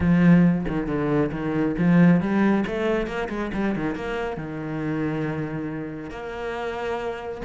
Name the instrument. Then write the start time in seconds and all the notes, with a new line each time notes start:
cello
0.00 F3
0.68 D#3
0.87 D3
1.31 D#3
1.78 F3
2.20 G3
2.66 A3
3.06 A#3
3.29 G#3
3.53 G3
3.75 D#3
3.95 A#3
4.36 D#3
6.10 A#3